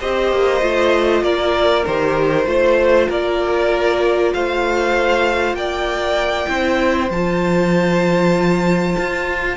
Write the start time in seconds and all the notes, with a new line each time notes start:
0.00 C4 G4 C5 D#5
0.32 A#3
0.61 A3 F4
1.23 A#3 A#4 D5
1.86 D#3 G4 C5
2.45 A3 F4 C5
3.09 A#3 A#4 D5
4.34 A3 C5 F5
5.53 A#3 D5 G5
6.47 C4 E4 C5
7.10 F3 F4 A5
8.99 F4